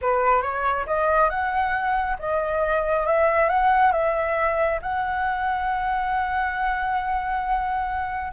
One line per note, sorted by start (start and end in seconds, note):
0.01 0.42 B4
0.42 0.85 C#5
0.86 1.29 D#5
1.29 2.17 F#5
2.19 3.06 D#5
3.06 3.49 E5
3.49 3.92 F#5
3.92 4.79 E5
4.82 8.32 F#5